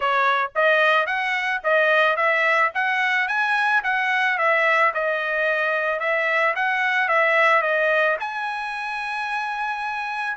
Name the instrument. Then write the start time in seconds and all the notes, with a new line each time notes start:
trumpet
0.00 C#5
0.55 D#5
1.06 F#5
1.63 D#5
2.16 E5
2.74 F#5
3.28 G#5
3.83 F#5
4.38 E5
4.94 D#5
5.99 E5
6.55 F#5
7.08 E5
7.62 D#5
8.20 G#5